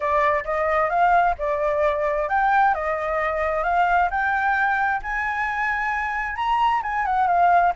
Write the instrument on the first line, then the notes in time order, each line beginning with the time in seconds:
flute
0.00 D5
0.44 D#5
0.89 F5
1.38 D5
2.29 G5
2.74 D#5
3.63 F5
4.10 G5
5.02 G#5
6.36 A#5
6.82 G#5
7.05 F#5
7.27 F5